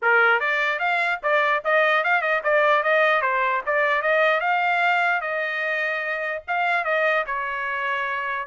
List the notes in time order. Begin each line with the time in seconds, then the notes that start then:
0.02 A#4
0.40 D5
0.79 F5
1.22 D5
1.64 D#5
2.03 F5
2.21 D#5
2.43 D5
2.83 D#5
3.21 C5
3.66 D5
4.02 D#5
4.40 F5
5.21 D#5
6.47 F5
6.84 D#5
7.26 C#5